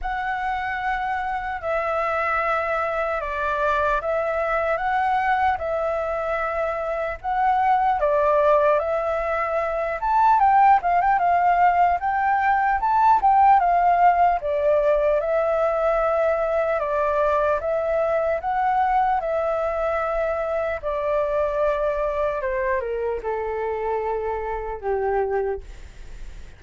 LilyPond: \new Staff \with { instrumentName = "flute" } { \time 4/4 \tempo 4 = 75 fis''2 e''2 | d''4 e''4 fis''4 e''4~ | e''4 fis''4 d''4 e''4~ | e''8 a''8 g''8 f''16 g''16 f''4 g''4 |
a''8 g''8 f''4 d''4 e''4~ | e''4 d''4 e''4 fis''4 | e''2 d''2 | c''8 ais'8 a'2 g'4 | }